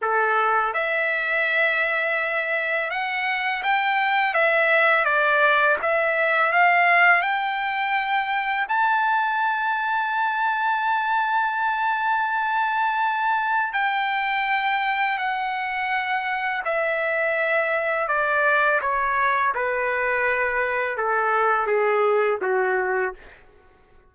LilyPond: \new Staff \with { instrumentName = "trumpet" } { \time 4/4 \tempo 4 = 83 a'4 e''2. | fis''4 g''4 e''4 d''4 | e''4 f''4 g''2 | a''1~ |
a''2. g''4~ | g''4 fis''2 e''4~ | e''4 d''4 cis''4 b'4~ | b'4 a'4 gis'4 fis'4 | }